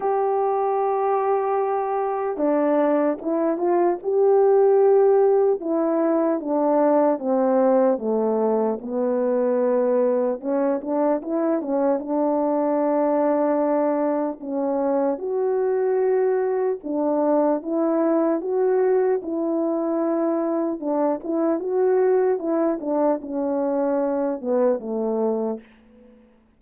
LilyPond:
\new Staff \with { instrumentName = "horn" } { \time 4/4 \tempo 4 = 75 g'2. d'4 | e'8 f'8 g'2 e'4 | d'4 c'4 a4 b4~ | b4 cis'8 d'8 e'8 cis'8 d'4~ |
d'2 cis'4 fis'4~ | fis'4 d'4 e'4 fis'4 | e'2 d'8 e'8 fis'4 | e'8 d'8 cis'4. b8 a4 | }